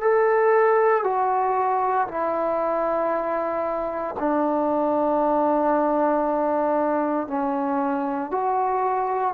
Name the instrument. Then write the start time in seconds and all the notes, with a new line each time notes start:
trombone
0.00 A4
1.03 F#4
2.08 E4
4.19 D4
7.27 C#4
8.30 F#4